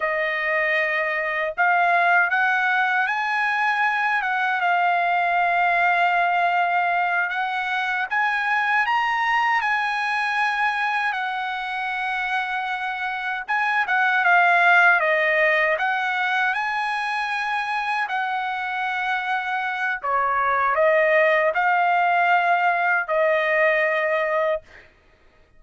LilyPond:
\new Staff \with { instrumentName = "trumpet" } { \time 4/4 \tempo 4 = 78 dis''2 f''4 fis''4 | gis''4. fis''8 f''2~ | f''4. fis''4 gis''4 ais''8~ | ais''8 gis''2 fis''4.~ |
fis''4. gis''8 fis''8 f''4 dis''8~ | dis''8 fis''4 gis''2 fis''8~ | fis''2 cis''4 dis''4 | f''2 dis''2 | }